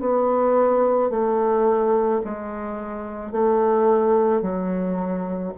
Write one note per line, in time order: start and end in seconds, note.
0.00 1.10 B3
1.10 2.21 A3
2.25 3.32 G#3
3.32 4.42 A3
4.42 5.53 F#3